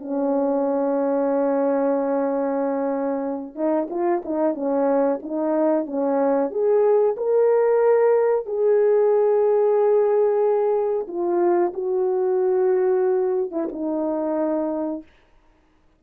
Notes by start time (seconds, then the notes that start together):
0.00 C#4
3.55 D#4
3.90 F4
4.25 D#4
4.54 C#4
5.22 D#4
5.86 C#4
6.50 G#4
7.17 A#4
8.46 G#4
11.08 F4
11.74 F#4
13.51 E4
13.72 D#4